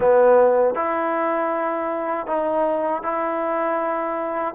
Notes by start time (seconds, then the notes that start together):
0.00 B3
0.74 E4
2.26 D#4
3.02 E4